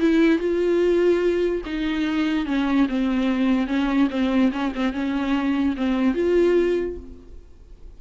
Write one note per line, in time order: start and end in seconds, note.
0.00 0.39 E4
0.39 1.62 F4
1.66 2.46 D#4
2.46 2.87 C#4
2.89 3.67 C4
3.67 4.08 C#4
4.10 4.51 C4
4.52 4.73 C#4
4.75 4.93 C4
4.93 5.75 C#4
5.77 6.15 C4
6.15 6.97 F4